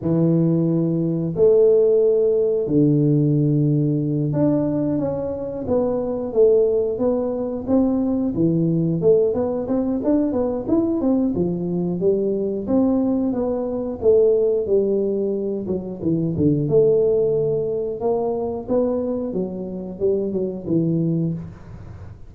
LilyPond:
\new Staff \with { instrumentName = "tuba" } { \time 4/4 \tempo 4 = 90 e2 a2 | d2~ d8 d'4 cis'8~ | cis'8 b4 a4 b4 c'8~ | c'8 e4 a8 b8 c'8 d'8 b8 |
e'8 c'8 f4 g4 c'4 | b4 a4 g4. fis8 | e8 d8 a2 ais4 | b4 fis4 g8 fis8 e4 | }